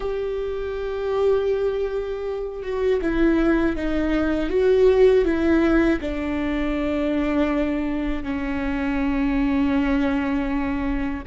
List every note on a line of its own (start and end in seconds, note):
0.00 2.62 G4
2.62 3.00 F#4
3.01 3.75 E4
3.75 4.49 D#4
4.49 5.24 F#4
5.24 5.99 E4
6.00 8.23 D4
8.23 11.23 C#4